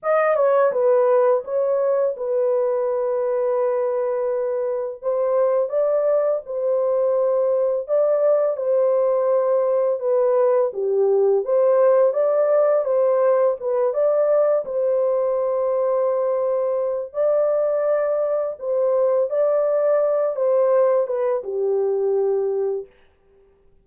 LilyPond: \new Staff \with { instrumentName = "horn" } { \time 4/4 \tempo 4 = 84 dis''8 cis''8 b'4 cis''4 b'4~ | b'2. c''4 | d''4 c''2 d''4 | c''2 b'4 g'4 |
c''4 d''4 c''4 b'8 d''8~ | d''8 c''2.~ c''8 | d''2 c''4 d''4~ | d''8 c''4 b'8 g'2 | }